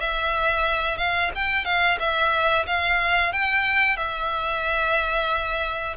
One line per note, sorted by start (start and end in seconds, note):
0.00 0.98 E5
0.98 1.31 F5
1.35 1.65 G5
1.65 1.98 F5
1.99 2.66 E5
2.67 3.32 F5
3.32 3.97 G5
3.97 5.97 E5